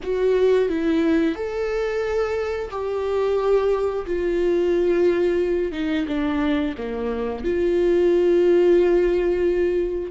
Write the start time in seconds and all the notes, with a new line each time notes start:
0.02 F#4
0.69 E4
1.35 A4
2.70 G4
4.06 F4
5.72 D#4
6.07 D4
6.77 A#3
7.44 F4